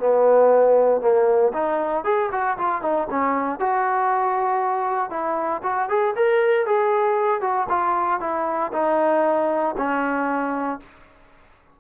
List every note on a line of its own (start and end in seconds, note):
0.00 1.02 B3
1.02 1.53 A#3
1.54 2.05 D#4
2.05 2.30 G#4
2.32 2.58 F#4
2.58 2.82 F4
2.82 3.08 D#4
3.11 3.60 C#4
3.60 5.11 F#4
5.11 5.62 E4
5.64 5.89 F#4
5.90 6.15 G#4
6.17 6.67 A#4
6.67 7.42 G#4
7.42 7.67 F#4
7.70 8.21 F4
8.21 8.72 E4
8.73 9.76 D#4
9.78 10.80 C#4